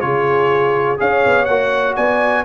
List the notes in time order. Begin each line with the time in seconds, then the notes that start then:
0.00 C#3 F4 G#4 C#5
0.97 C#4 G#4 C#5 F5
1.25 B3
1.45 A#3 F#4 F#5
1.95 B3 D5 G#5